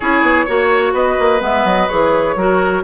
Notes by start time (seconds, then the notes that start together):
0.00 C#4 E4 G#4 C#5
0.22 B3
0.45 A#3 F#4 C#5
0.93 B3 B4 D#5
1.19 A#3
1.40 G#3 B3 E5
1.64 F#3 D#5
1.88 E3 G#4 C#5
2.35 F#3 F#4 A#4